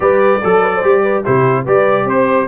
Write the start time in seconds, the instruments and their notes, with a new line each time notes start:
0.00 tuba G3, trombone G4, horn B4, trumpet D5
0.42 tuba F#3, horn A4, trombone A4
0.60 horn B4
0.74 horn C5
0.83 tuba G3, trombone G4
1.02 horn B4
1.24 tuba C3, trombone E4, horn G4, trumpet C5
1.64 tuba G3, trombone G4, horn B4, trumpet D5
2.04 tuba C4, horn C5, trumpet C5